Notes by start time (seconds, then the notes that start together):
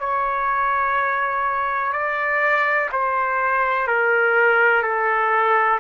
0.00 C#5
1.93 D5
2.93 C5
3.88 A#4
4.83 A4